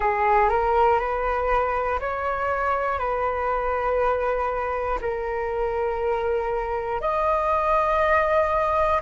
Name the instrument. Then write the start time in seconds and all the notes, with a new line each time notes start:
flute
0.00 G#4
0.49 A#4
0.99 B4
2.00 C#5
2.98 B4
5.00 A#4
7.00 D#5